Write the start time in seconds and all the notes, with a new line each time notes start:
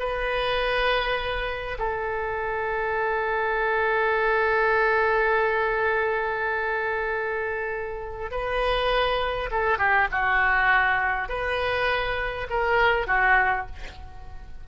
0.00 B4
1.79 A4
8.31 B4
9.52 A4
9.79 G4
10.12 F#4
11.29 B4
12.50 A#4
13.07 F#4